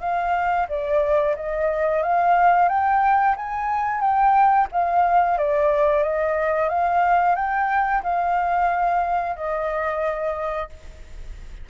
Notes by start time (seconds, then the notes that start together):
0.00 F5
0.68 D5
1.36 D#5
2.02 F5
2.68 G5
3.36 G#5
4.00 G5
4.72 F5
5.38 D5
6.03 D#5
6.69 F5
7.35 G5
8.03 F5
9.36 D#5